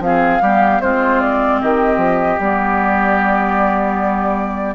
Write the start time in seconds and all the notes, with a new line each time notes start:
0.00 F3 C4 F5
0.06 G#4
0.41 G3 B3 G4
0.82 G#3 C4 F4 C5
1.21 D5
1.61 D#3 G4 D#5
1.98 F3
2.40 G3 B3 D5